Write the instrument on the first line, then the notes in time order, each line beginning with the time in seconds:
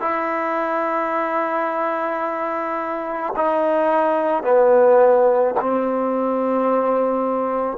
trombone
0.00 E4
3.36 D#4
4.43 B3
5.60 C4